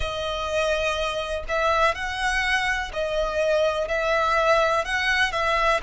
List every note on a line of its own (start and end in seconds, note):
0.00 1.43 D#5
1.48 1.94 E5
1.94 2.91 F#5
2.93 3.88 D#5
3.88 4.84 E5
4.84 5.31 F#5
5.31 5.80 E5